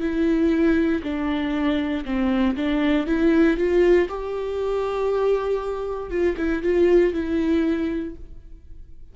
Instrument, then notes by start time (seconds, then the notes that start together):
viola
0.00 E4
1.03 D4
2.05 C4
2.56 D4
3.06 E4
3.57 F4
4.09 G4
6.10 F4
6.37 E4
6.62 F4
7.13 E4